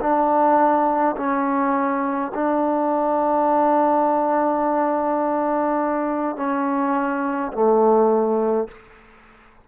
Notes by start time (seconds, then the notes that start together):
0.00 D4
1.16 C#4
2.34 D4
6.36 C#4
7.52 A3